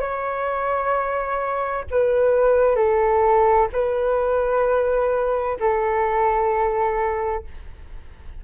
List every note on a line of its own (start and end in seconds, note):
0.00 1.85 C#5
1.90 2.76 B4
2.76 3.68 A4
3.73 5.57 B4
5.59 7.44 A4